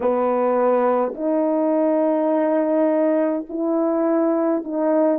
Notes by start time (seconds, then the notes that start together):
0.00 B3
1.14 D#4
3.49 E4
4.64 D#4